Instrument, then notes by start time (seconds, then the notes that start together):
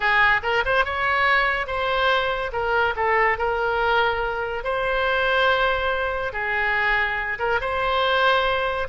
oboe
0.00 G#4
0.42 A#4
0.65 C5
0.85 C#5
1.67 C5
2.52 A#4
2.96 A4
3.37 A#4
4.64 C5
6.32 G#4
7.38 A#4
7.60 C5